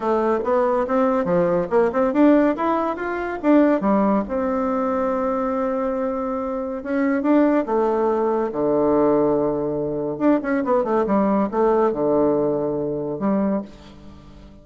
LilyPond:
\new Staff \with { instrumentName = "bassoon" } { \time 4/4 \tempo 4 = 141 a4 b4 c'4 f4 | ais8 c'8 d'4 e'4 f'4 | d'4 g4 c'2~ | c'1 |
cis'4 d'4 a2 | d1 | d'8 cis'8 b8 a8 g4 a4 | d2. g4 | }